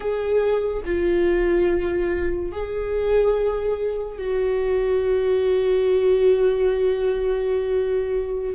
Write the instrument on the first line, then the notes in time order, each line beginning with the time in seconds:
viola
0.00 G#4
0.85 F4
2.52 G#4
4.17 F#4